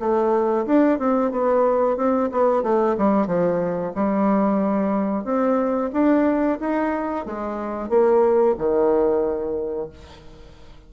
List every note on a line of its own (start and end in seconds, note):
0.00 0.66 A3
0.67 0.99 D4
0.99 1.32 C4
1.32 1.97 B3
1.97 2.30 C4
2.32 2.63 B3
2.63 2.96 A3
2.98 3.27 G3
3.27 3.93 F3
3.95 5.25 G3
5.25 5.91 C4
5.93 6.59 D4
6.60 7.26 D#4
7.26 7.90 G#3
7.90 8.56 A#3
8.58 9.90 D#3